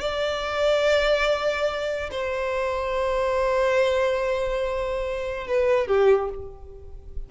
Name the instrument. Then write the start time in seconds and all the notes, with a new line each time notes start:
violin
0.00 D5
2.11 C5
5.47 B4
5.87 G4